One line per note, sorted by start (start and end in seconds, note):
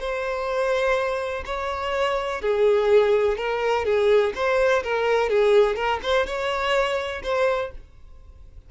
0.00 1.44 C5
1.46 2.42 C#5
2.42 3.38 G#4
3.38 3.85 A#4
3.85 4.33 G#4
4.35 4.83 C5
4.84 5.30 A#4
5.30 5.76 G#4
5.76 6.00 A#4
6.03 6.27 C5
6.27 7.23 C#5
7.23 7.71 C5